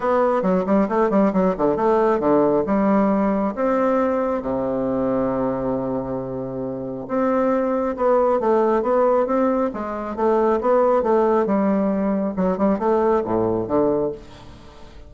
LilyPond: \new Staff \with { instrumentName = "bassoon" } { \time 4/4 \tempo 4 = 136 b4 fis8 g8 a8 g8 fis8 d8 | a4 d4 g2 | c'2 c2~ | c1 |
c'2 b4 a4 | b4 c'4 gis4 a4 | b4 a4 g2 | fis8 g8 a4 a,4 d4 | }